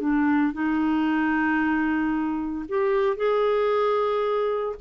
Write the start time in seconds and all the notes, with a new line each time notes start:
0.00 D4
0.53 D#4
2.69 G4
3.16 G#4